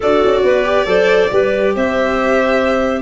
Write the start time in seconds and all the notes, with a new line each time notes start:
0.00 D4 F#4 A4 D5
0.25 C#4
0.43 B3 B4
0.64 G4
0.86 F#3 A4 C5
1.31 G3 G4 B4
1.75 C4 C5 E5